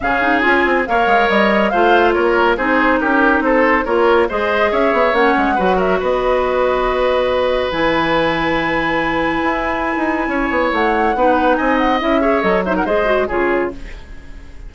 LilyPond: <<
  \new Staff \with { instrumentName = "flute" } { \time 4/4 \tempo 4 = 140 f''4 gis''4 f''4 dis''4 | f''4 cis''4 c''4 ais'4 | c''4 cis''4 dis''4 e''4 | fis''4. e''8 dis''2~ |
dis''2 gis''2~ | gis''1~ | gis''4 fis''2 gis''8 fis''8 | e''4 dis''8 e''16 fis''16 dis''4 cis''4 | }
  \new Staff \with { instrumentName = "oboe" } { \time 4/4 gis'2 cis''2 | c''4 ais'4 gis'4 g'4 | a'4 ais'4 c''4 cis''4~ | cis''4 b'8 ais'8 b'2~ |
b'1~ | b'1 | cis''2 b'4 dis''4~ | dis''8 cis''4 c''16 ais'16 c''4 gis'4 | }
  \new Staff \with { instrumentName = "clarinet" } { \time 4/4 cis'8 dis'8 f'4 ais'2 | f'2 dis'2~ | dis'4 f'4 gis'2 | cis'4 fis'2.~ |
fis'2 e'2~ | e'1~ | e'2 dis'2 | e'8 gis'8 a'8 dis'8 gis'8 fis'8 f'4 | }
  \new Staff \with { instrumentName = "bassoon" } { \time 4/4 cis4 cis'8 c'8 ais8 gis8 g4 | a4 ais4 c'4 cis'4 | c'4 ais4 gis4 cis'8 b8 | ais8 gis8 fis4 b2~ |
b2 e2~ | e2 e'4~ e'16 dis'8. | cis'8 b8 a4 b4 c'4 | cis'4 fis4 gis4 cis4 | }
>>